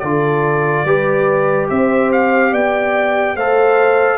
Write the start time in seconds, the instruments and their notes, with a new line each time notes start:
0.00 tuba D3, trombone F4, horn A4, trumpet D5
0.85 tuba G3, trombone G4, horn B4
1.70 tuba C4, horn C5, trumpet E5
2.12 trumpet F5
2.52 tuba B3, horn D5, trumpet G5
3.36 tuba A3, trombone A4, horn C5, trumpet F5